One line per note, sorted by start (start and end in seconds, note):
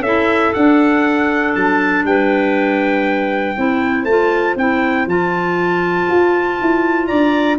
0.00 0.50 C#4
0.00 0.55 E4
0.00 2.05 A4
0.00 0.53 E5
0.54 3.57 D4
0.54 1.55 D4
0.54 1.54 F#5
1.55 2.04 F#3
1.55 2.05 A5
2.04 3.55 G3
2.04 3.55 B4
2.04 4.04 G5
3.55 4.04 C4
3.55 4.07 E4
3.55 7.07 C5
4.04 4.54 A3
4.04 4.58 F4
4.04 4.55 A5
4.55 5.06 C4
4.55 5.08 E4
4.55 5.08 G5
5.06 6.07 F3
5.06 7.59 F4
5.06 7.07 A5
6.09 6.60 F4
6.61 7.10 E4
7.07 7.59 D4
7.07 7.58 D5
7.07 7.57 A#5